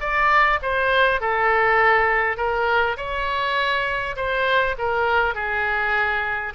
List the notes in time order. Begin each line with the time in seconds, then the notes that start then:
0.00 D5
0.62 C5
1.21 A4
2.37 A#4
2.97 C#5
4.16 C5
4.78 A#4
5.34 G#4